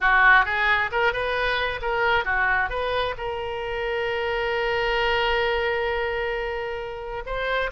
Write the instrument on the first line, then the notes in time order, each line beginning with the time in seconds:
oboe
0.01 F#4
0.45 G#4
0.91 A#4
1.12 B4
1.81 A#4
2.24 F#4
2.69 B4
3.17 A#4
7.25 C5